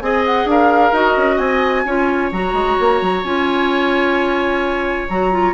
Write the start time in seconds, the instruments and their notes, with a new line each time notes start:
0.00 bassoon C4, clarinet G#4, oboe D#5, flute G#5
0.25 flute F#5
0.45 bassoon D4, oboe A#4, flute F5
0.91 bassoon D#4, clarinet F#4, flute D#5
1.17 bassoon C#4
1.35 bassoon C4, oboe D#5, flute G#5
1.85 bassoon C#4, clarinet F4, oboe C#5
2.31 bassoon F#3, clarinet F#4, flute A#5
2.53 bassoon G#3
2.79 bassoon A#3
3.01 bassoon F#3
3.23 bassoon C#4, clarinet F4, flute G#5
5.08 bassoon F#3, clarinet F#4, flute A#5
5.31 clarinet F4